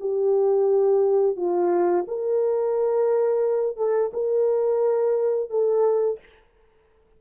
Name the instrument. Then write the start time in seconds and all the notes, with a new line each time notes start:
horn
0.00 G4
1.37 F4
2.08 A#4
3.77 A4
4.13 A#4
5.50 A4